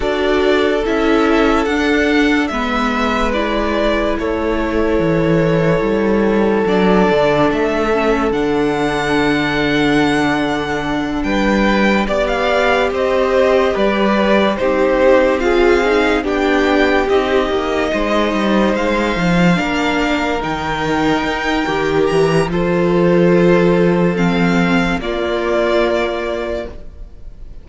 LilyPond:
<<
  \new Staff \with { instrumentName = "violin" } { \time 4/4 \tempo 4 = 72 d''4 e''4 fis''4 e''4 | d''4 cis''2. | d''4 e''4 fis''2~ | fis''4. g''4 d''16 f''8. dis''8~ |
dis''8 d''4 c''4 f''4 g''8~ | g''8 dis''2 f''4.~ | f''8 g''2 ais''8 c''4~ | c''4 f''4 d''2 | }
  \new Staff \with { instrumentName = "violin" } { \time 4/4 a'2. b'4~ | b'4 a'2.~ | a'1~ | a'4. b'4 d''4 c''8~ |
c''8 b'4 g'4 gis'4 g'8~ | g'4. c''2 ais'8~ | ais'2. a'4~ | a'2 f'2 | }
  \new Staff \with { instrumentName = "viola" } { \time 4/4 fis'4 e'4 d'4 b4 | e'1 | d'4. cis'8 d'2~ | d'2~ d'8 g'4.~ |
g'4. dis'4 f'8 dis'8 d'8~ | d'8 dis'2. d'8~ | d'8 dis'4. g'4 f'4~ | f'4 c'4 ais2 | }
  \new Staff \with { instrumentName = "cello" } { \time 4/4 d'4 cis'4 d'4 gis4~ | gis4 a4 e4 g4 | fis8 d8 a4 d2~ | d4. g4 b4 c'8~ |
c'8 g4 c'2 b8~ | b8 c'8 ais8 gis8 g8 gis8 f8 ais8~ | ais8 dis4 dis'8 dis8 e8 f4~ | f2 ais2 | }
>>